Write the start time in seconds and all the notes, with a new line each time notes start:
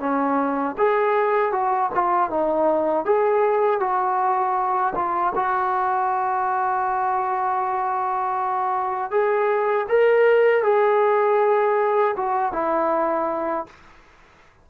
0.00 C#4
0.78 G#4
1.53 F#4
1.95 F4
2.31 D#4
3.06 G#4
3.80 F#4
4.96 F4
5.35 F#4
9.11 G#4
9.89 A#4
10.64 G#4
12.17 F#4
12.53 E4